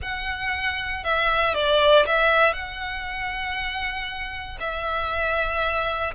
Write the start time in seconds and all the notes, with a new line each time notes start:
0.01 F#5
1.03 E5
1.54 D5
2.06 E5
2.53 F#5
4.60 E5